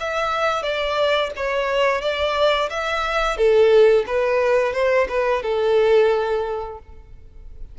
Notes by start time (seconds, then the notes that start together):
0.00 E5
0.63 D5
1.36 C#5
2.02 D5
2.70 E5
3.37 A4
4.07 B4
4.74 C5
5.09 B4
5.43 A4